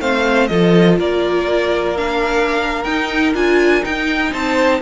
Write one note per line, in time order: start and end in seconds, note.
0.00 0.50 A3
0.00 0.49 C4
0.00 0.49 C5
0.00 0.47 F5
0.47 0.99 F3
0.47 1.96 F4
0.47 0.99 A4
0.47 0.97 D#5
0.99 2.84 A#3
0.99 4.32 A#4
0.99 1.97 D5
1.96 2.83 D4
1.96 2.84 F5
2.84 3.34 D#4
2.84 3.33 G5
3.34 3.84 D4
3.34 3.82 F4
3.34 3.84 G#5
3.82 4.81 D#4
3.82 4.33 D#4
3.82 4.33 G5
4.32 4.82 C4
4.32 4.81 C5
4.32 4.82 A5